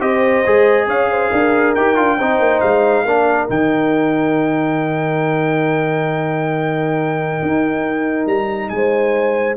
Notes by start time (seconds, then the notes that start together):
0.00 C4 G4 C5 D#5
0.46 G#3 G#4
0.87 C#4 C#5 F5
1.10 C5
1.30 D4 A#4
1.75 D#4 G4 G5
1.95 D4 F4
2.17 C4 D#4 C5
2.39 A#3
2.60 G#3 F5
3.05 A#3 D4 A#4
3.48 D#3 D#4 G5
7.42 D#4
8.26 G3 A#5
8.69 G#3 G#5
8.75 C5